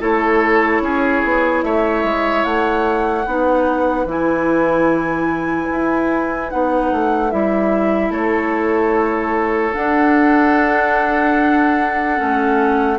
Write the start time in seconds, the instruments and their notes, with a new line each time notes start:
0.00 bassoon A3, clarinet E4, oboe A4, flute C#5
0.81 bassoon C#4, oboe G#4
1.24 bassoon B3
1.63 bassoon A3, oboe C#5, flute E5
2.03 bassoon G#3
2.44 bassoon A3, flute F#5
3.26 bassoon B3, clarinet D#4, oboe B4
4.05 bassoon E3, clarinet E4, flute G#5
5.71 bassoon E4
6.49 bassoon B3, clarinet D#4, flute F#5
6.92 bassoon A3
7.30 bassoon G3, clarinet E4, flute E5
8.10 bassoon A3, oboe A4, flute C#5
9.73 clarinet D4, bassoon D4, flute F#5
12.16 bassoon A3, clarinet C#4